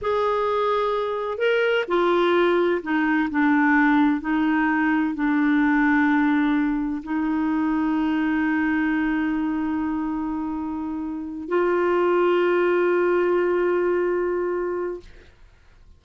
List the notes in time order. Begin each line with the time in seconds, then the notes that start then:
0.01 G#4
1.37 A#4
1.87 F4
2.82 D#4
3.30 D4
4.21 D#4
5.14 D4
7.03 D#4
11.48 F4